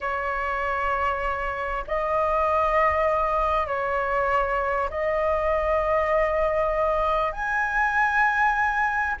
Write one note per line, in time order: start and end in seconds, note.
0.00 1.84 C#5
1.87 3.67 D#5
3.67 4.89 C#5
4.90 7.32 D#5
7.32 9.16 G#5